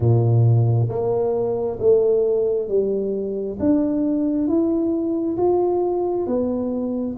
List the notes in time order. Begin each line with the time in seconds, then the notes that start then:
0.00 A#2
0.89 A#3
1.79 A3
2.68 G3
3.59 D4
4.47 E4
5.37 F4
6.26 B3